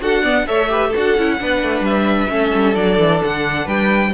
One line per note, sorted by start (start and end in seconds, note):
0.00 0.48 D4
0.00 0.23 F#4
0.00 0.21 A4
0.00 0.47 F#5
0.21 0.46 B3
0.21 0.44 D5
0.46 0.93 A3
0.46 0.69 A4
0.46 0.70 C#5
0.46 0.93 E5
0.69 0.92 G4
0.69 0.88 B4
0.88 1.17 F#4
0.88 1.34 A4
0.96 1.17 D4
0.96 1.84 F#5
1.17 1.40 C#4
1.17 1.39 E4
1.39 1.62 B3
1.39 2.29 D4
1.39 2.31 B4
1.62 1.80 A3
1.80 2.26 G3
1.80 2.75 E5
2.29 2.52 A3
2.29 2.74 C#4
2.29 3.65 A4
2.54 2.75 G3
2.74 2.98 F#3
2.74 4.11 D4
2.74 3.20 D5
2.98 3.21 E3
3.24 3.66 D3
3.24 3.68 F#5
3.65 4.12 G3
3.65 4.10 B4
3.65 4.13 G5